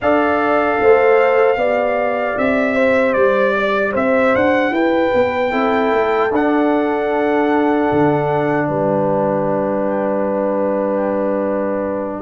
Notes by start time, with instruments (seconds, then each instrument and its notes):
0.01 tuba D4, trombone A4, horn D5, trumpet F5
0.80 tuba A3, horn C5
1.56 tuba B3, trombone G4, horn D5
2.37 tuba C4, trumpet E5
2.75 horn C5
3.13 tuba G3, trumpet D5
3.55 horn D5
3.92 tuba C4, horn C5, trumpet E5
4.35 tuba D4, trumpet F#5
4.70 tuba E4, horn B4, trumpet G5
5.14 tuba B3
5.50 tuba C4, trombone E4, horn A4
5.92 tuba A3
6.31 tuba D4, trombone D4, trumpet F#5
7.91 tuba D3
8.67 tuba G3, horn B4, trumpet G5